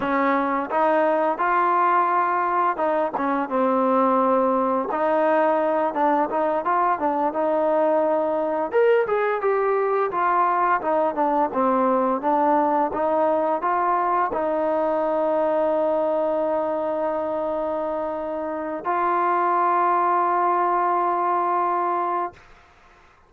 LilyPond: \new Staff \with { instrumentName = "trombone" } { \time 4/4 \tempo 4 = 86 cis'4 dis'4 f'2 | dis'8 cis'8 c'2 dis'4~ | dis'8 d'8 dis'8 f'8 d'8 dis'4.~ | dis'8 ais'8 gis'8 g'4 f'4 dis'8 |
d'8 c'4 d'4 dis'4 f'8~ | f'8 dis'2.~ dis'8~ | dis'2. f'4~ | f'1 | }